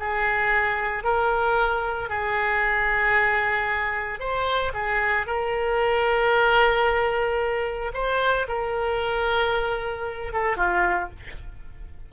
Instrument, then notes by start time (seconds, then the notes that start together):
oboe
0.00 G#4
1.04 A#4
2.10 G#4
4.20 C5
4.74 G#4
5.27 A#4
7.94 C5
8.49 A#4
10.33 A4
10.57 F4